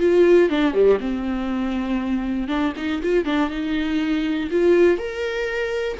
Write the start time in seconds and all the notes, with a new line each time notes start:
0.00 F4
0.50 D4
0.74 G3
1.01 C4
2.48 D4
2.77 D#4
3.03 F4
3.25 D4
3.51 D#4
4.51 F4
4.99 A#4